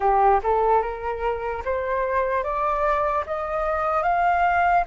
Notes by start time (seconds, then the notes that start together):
0.00 G4
0.43 A4
0.81 A#4
1.64 C5
2.43 D5
3.26 D#5
4.02 F5